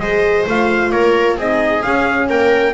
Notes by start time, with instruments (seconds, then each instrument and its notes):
0.00 double bass G#3, horn G#4, viola C5, trumpet D#5
0.47 double bass A3, horn F4, trumpet F5
0.91 double bass A#3, viola A#4, trumpet C#5
1.37 double bass C4, horn D#4, viola G#4, trumpet D#5
1.83 horn C#4, double bass C#4, trumpet F5
2.29 double bass A#3, viola A#4, trumpet G5